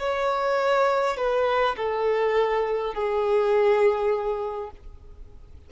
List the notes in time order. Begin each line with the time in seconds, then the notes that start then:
0.00 C#5
1.18 B4
1.77 A4
2.95 G#4